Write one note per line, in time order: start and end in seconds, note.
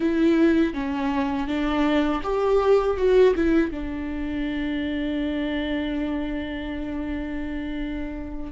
0.00 0.73 E4
0.73 1.47 C#4
1.47 2.21 D4
2.23 2.97 G4
2.97 3.34 F#4
3.35 3.71 E4
3.71 8.52 D4